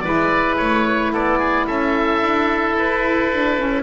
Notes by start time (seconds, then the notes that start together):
0.00 G#3 E4 B4 D5
0.57 A3 C#5
1.12 B3 A4 D5
1.38 G#4
1.66 C#4 A4 E5
2.21 D4
2.75 E4 B4
3.32 D4
3.59 C#4